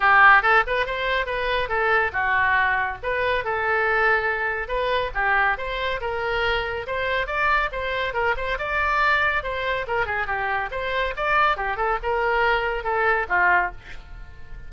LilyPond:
\new Staff \with { instrumentName = "oboe" } { \time 4/4 \tempo 4 = 140 g'4 a'8 b'8 c''4 b'4 | a'4 fis'2 b'4 | a'2. b'4 | g'4 c''4 ais'2 |
c''4 d''4 c''4 ais'8 c''8 | d''2 c''4 ais'8 gis'8 | g'4 c''4 d''4 g'8 a'8 | ais'2 a'4 f'4 | }